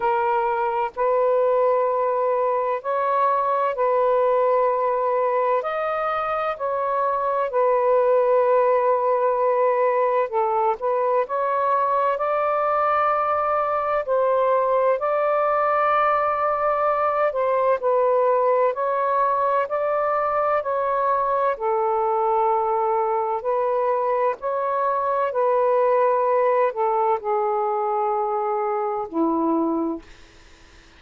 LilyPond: \new Staff \with { instrumentName = "saxophone" } { \time 4/4 \tempo 4 = 64 ais'4 b'2 cis''4 | b'2 dis''4 cis''4 | b'2. a'8 b'8 | cis''4 d''2 c''4 |
d''2~ d''8 c''8 b'4 | cis''4 d''4 cis''4 a'4~ | a'4 b'4 cis''4 b'4~ | b'8 a'8 gis'2 e'4 | }